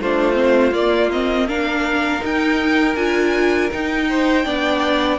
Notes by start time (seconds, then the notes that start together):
0.00 A3 D4 F4 C5
0.33 C4
0.72 A#3 D5
1.12 C4 D#5
1.47 D4 A#4 F5
2.21 D#4 G5
2.96 D4 F4 G#5
3.73 D#4 G5
4.09 C5
4.45 B3 D4 D5